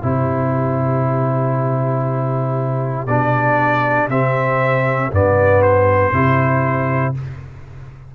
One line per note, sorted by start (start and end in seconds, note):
0.00 3.07 C3
0.00 3.07 E4
0.00 7.12 G4
0.00 3.06 C5
3.06 4.08 B2
3.06 4.09 D4
3.06 4.08 D5
4.08 5.10 C3
4.08 5.11 C4
4.08 5.11 E5
5.11 6.12 G2
5.11 6.12 B3
5.11 5.62 D5
5.62 7.14 C5
6.12 7.14 C3
6.12 7.14 E4